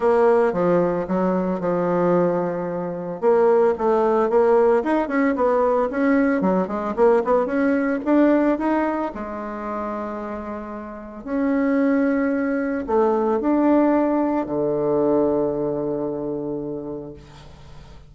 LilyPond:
\new Staff \with { instrumentName = "bassoon" } { \time 4/4 \tempo 4 = 112 ais4 f4 fis4 f4~ | f2 ais4 a4 | ais4 dis'8 cis'8 b4 cis'4 | fis8 gis8 ais8 b8 cis'4 d'4 |
dis'4 gis2.~ | gis4 cis'2. | a4 d'2 d4~ | d1 | }